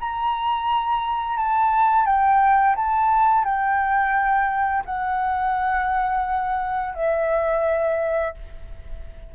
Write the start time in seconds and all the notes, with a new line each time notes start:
0.00 A#5
1.37 A5
2.05 G5
2.76 A5
3.44 G5
4.85 F#5
6.95 E5